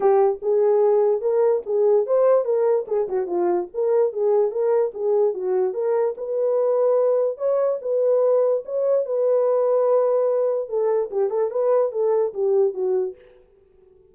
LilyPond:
\new Staff \with { instrumentName = "horn" } { \time 4/4 \tempo 4 = 146 g'4 gis'2 ais'4 | gis'4 c''4 ais'4 gis'8 fis'8 | f'4 ais'4 gis'4 ais'4 | gis'4 fis'4 ais'4 b'4~ |
b'2 cis''4 b'4~ | b'4 cis''4 b'2~ | b'2 a'4 g'8 a'8 | b'4 a'4 g'4 fis'4 | }